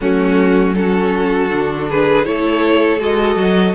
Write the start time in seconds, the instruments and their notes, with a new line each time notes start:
0.00 cello F#3, viola A3, violin C#4 F#4
0.74 viola C#4, violin F#4 A4
1.49 cello D3, viola D4
1.89 violin G#4 B4
2.23 cello A3, viola E4, violin A4 C#5
2.99 cello G#3, viola F#4, violin D#5
3.36 cello F#3